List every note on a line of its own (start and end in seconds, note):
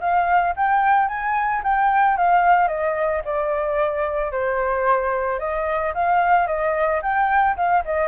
0.00 0.54 F5
0.56 1.08 G5
1.08 1.62 G#5
1.63 2.17 G5
2.17 2.68 F5
2.68 3.22 D#5
3.24 4.31 D5
4.31 5.39 C5
5.39 5.93 D#5
5.94 6.47 F5
6.47 7.01 D#5
7.02 7.56 G5
7.56 7.83 F5
7.85 8.08 D#5